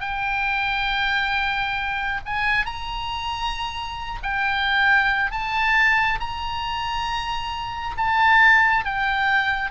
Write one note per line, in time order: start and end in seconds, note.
0.00 2.21 G5
2.25 2.66 G#5
2.66 4.20 A#5
4.23 5.31 G5
5.31 6.19 A5
6.20 7.96 A#5
7.97 8.84 A5
8.84 9.70 G5